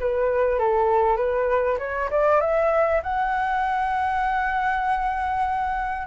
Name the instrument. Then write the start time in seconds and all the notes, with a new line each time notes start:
flute
0.00 B4
0.59 A4
1.17 B4
1.79 C#5
2.11 D5
2.41 E5
3.03 F#5